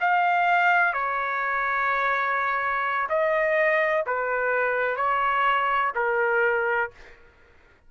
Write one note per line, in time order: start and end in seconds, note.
0.00 0.93 F5
0.93 3.07 C#5
3.09 4.04 D#5
4.06 4.96 B4
4.96 5.91 C#5
5.95 6.90 A#4